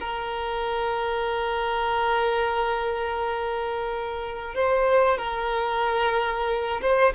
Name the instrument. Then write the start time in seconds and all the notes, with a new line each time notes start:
violin
0.00 A#4
4.54 C5
5.18 A#4
6.81 C5